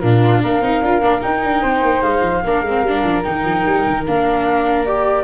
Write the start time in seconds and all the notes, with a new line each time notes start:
0.00 A#2 D4 F4 A#4
0.43 A#3 A#4 F5
0.62 C4 D#4
0.83 D4 F4
1.02 A#3 D4
1.21 D#4 G5
1.45 D4
1.62 C4 C5
1.82 A#3
2.03 G#3 F5
2.22 F3
2.45 A#3 D4 A#4
2.63 G#3 C4
2.83 G3 D4
3.05 F3
3.24 D#3 D#4 G5
3.45 F3
3.66 G3
3.88 D#3
4.07 A#3 D4 F5
4.86 G4 D5